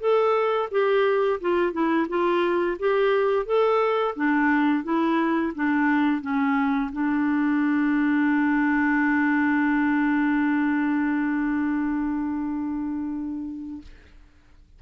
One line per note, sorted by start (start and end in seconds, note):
0.00 0.69 A4
0.71 1.40 G4
1.41 1.72 F4
1.72 2.07 E4
2.08 2.77 F4
2.79 3.46 G4
3.46 4.15 A4
4.16 4.84 D4
4.84 5.53 E4
5.55 6.22 D4
6.22 6.91 C#4
6.92 13.82 D4